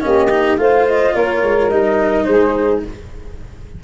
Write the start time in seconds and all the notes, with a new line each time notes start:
0.00 A#3 C#4 G4 D#5
0.30 D#4
0.57 A3 F4 C5 F5
0.87 D#5
1.14 A#3 A#4 C#5
1.42 G#3
1.69 G3 D#4 D#5
2.25 G#3 G#4 C5